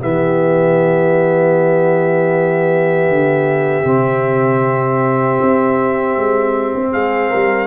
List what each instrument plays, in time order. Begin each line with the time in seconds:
0.00 tuba E3, trombone B3, horn G4, trumpet E5
3.09 tuba D3
3.84 tuba C3, trombone C4
5.41 tuba C4
6.16 tuba G#3
6.75 tuba C4
6.92 tuba G#3, horn G#4, trumpet F5
7.29 tuba G3, horn A#4